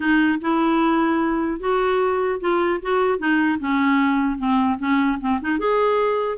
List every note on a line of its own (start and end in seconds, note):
0.00 0.39 D#4
0.41 1.59 E4
1.59 2.39 F#4
2.40 2.80 F4
2.82 3.19 F#4
3.19 3.59 D#4
3.59 4.38 C#4
4.38 4.78 C4
4.79 5.19 C#4
5.20 5.40 C4
5.41 5.59 D#4
5.59 6.38 G#4